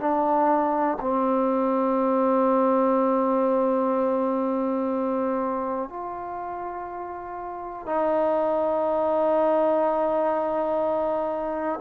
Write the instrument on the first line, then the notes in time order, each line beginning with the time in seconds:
trombone
0.00 D4
1.01 C4
5.90 F4
7.86 D#4